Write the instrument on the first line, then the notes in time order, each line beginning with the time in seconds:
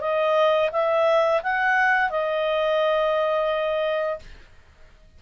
clarinet
0.00 D#5
0.71 E5
1.42 F#5
2.09 D#5